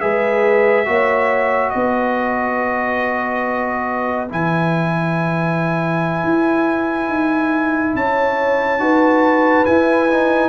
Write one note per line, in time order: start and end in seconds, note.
0.00 0.87 G#3
0.00 0.85 G#4
0.00 0.87 B4
0.00 1.69 E5
0.85 1.73 A#3
0.85 4.28 F#4
0.85 1.71 C#5
1.69 4.31 B3
1.69 7.93 B4
1.69 4.27 D#5
4.29 6.24 E3
4.29 8.79 E4
4.29 7.95 G#5
6.24 7.08 E4
7.08 7.93 D#4
7.94 8.78 C#4
7.94 8.81 C#5
7.94 9.65 A5
8.78 9.64 D#4
8.78 9.65 F#4
8.78 10.49 B4
9.65 10.09 E4
9.65 10.49 E4
9.65 10.49 G#5
10.09 10.49 D#4